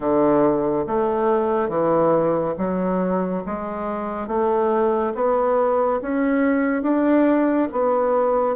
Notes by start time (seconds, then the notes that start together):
0.00 D3
0.86 A3
1.68 E3
2.58 F#3
3.46 G#3
4.27 A3
5.14 B3
6.01 C#4
6.82 D4
7.72 B3